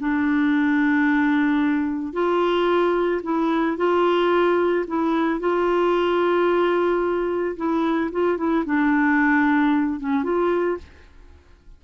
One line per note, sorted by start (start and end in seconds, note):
0.00 2.13 D4
2.13 3.21 F4
3.23 3.77 E4
3.77 4.85 F4
4.87 5.40 E4
5.40 7.56 F4
7.57 8.11 E4
8.12 8.37 F4
8.37 8.64 E4
8.65 10.00 D4
10.00 10.23 C#4
10.23 10.77 F4